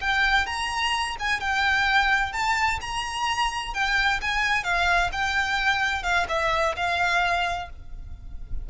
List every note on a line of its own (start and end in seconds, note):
0.00 0.46 G5
0.46 1.16 A#5
1.19 1.40 G#5
1.40 2.32 G5
2.32 2.79 A5
2.81 3.73 A#5
3.73 4.20 G5
4.21 4.63 G#5
4.63 5.10 F5
5.12 6.03 G5
6.03 6.26 F5
6.28 6.75 E5
6.76 7.69 F5